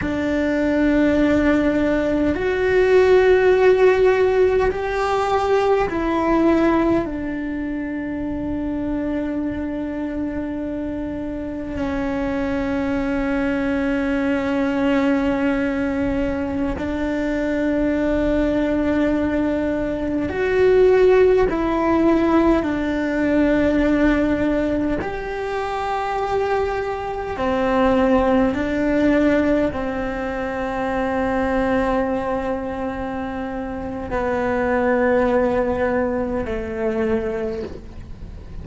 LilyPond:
\new Staff \with { instrumentName = "cello" } { \time 4/4 \tempo 4 = 51 d'2 fis'2 | g'4 e'4 d'2~ | d'2 cis'2~ | cis'2~ cis'16 d'4.~ d'16~ |
d'4~ d'16 fis'4 e'4 d'8.~ | d'4~ d'16 g'2 c'8.~ | c'16 d'4 c'2~ c'8.~ | c'4 b2 a4 | }